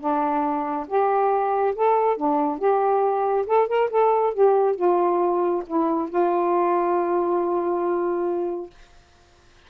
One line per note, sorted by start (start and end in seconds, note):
0.00 0.87 D4
0.88 1.75 G4
1.75 2.17 A4
2.17 2.59 D4
2.59 3.46 G4
3.47 3.68 A4
3.68 3.90 A#4
3.90 4.34 A4
4.34 4.76 G4
4.76 5.63 F4
5.67 6.09 E4
6.09 8.70 F4